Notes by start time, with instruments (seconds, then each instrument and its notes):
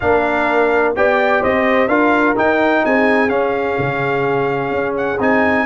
0.00 tuba A#3, trombone D4, horn A#4, trumpet F5
0.95 tuba B3, trombone G4, horn D5, trumpet G5
1.41 tuba C4, horn C5, trumpet D#5
1.87 tuba D4, trombone F4, horn A#4, trumpet F5
2.36 trombone D#4, tuba D#4, trumpet G5
2.84 tuba C4, horn G#4, trumpet G#5
3.29 trombone C#4, tuba C#4, trumpet F5
3.78 tuba C#3
4.71 tuba C#4
4.96 trumpet F#5
5.19 tuba C4, trombone D#4, trumpet G#5